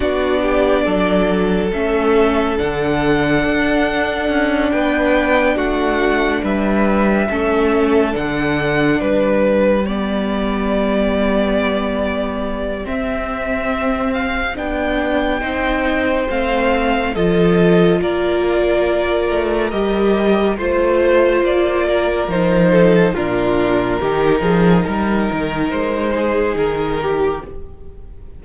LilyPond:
<<
  \new Staff \with { instrumentName = "violin" } { \time 4/4 \tempo 4 = 70 d''2 e''4 fis''4~ | fis''4. g''4 fis''4 e''8~ | e''4. fis''4 b'4 d''8~ | d''2. e''4~ |
e''8 f''8 g''2 f''4 | dis''4 d''2 dis''4 | c''4 d''4 c''4 ais'4~ | ais'2 c''4 ais'4 | }
  \new Staff \with { instrumentName = "violin" } { \time 4/4 fis'8 g'8 a'2.~ | a'4. b'4 fis'4 b'8~ | b'8 a'2 g'4.~ | g'1~ |
g'2 c''2 | a'4 ais'2. | c''4. ais'4 a'8 f'4 | g'8 gis'8 ais'4. gis'4 g'8 | }
  \new Staff \with { instrumentName = "viola" } { \time 4/4 d'2 cis'4 d'4~ | d'1~ | d'8 cis'4 d'2 b8~ | b2. c'4~ |
c'4 d'4 dis'4 c'4 | f'2. g'4 | f'2 dis'4 d'4 | dis'1 | }
  \new Staff \with { instrumentName = "cello" } { \time 4/4 b4 fis4 a4 d4 | d'4 cis'8 b4 a4 g8~ | g8 a4 d4 g4.~ | g2. c'4~ |
c'4 b4 c'4 a4 | f4 ais4. a8 g4 | a4 ais4 f4 ais,4 | dis8 f8 g8 dis8 gis4 dis4 | }
>>